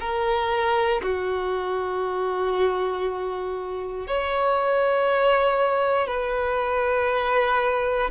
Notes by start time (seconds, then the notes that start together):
0.00 A#4
1.02 F#4
4.07 C#5
6.07 B4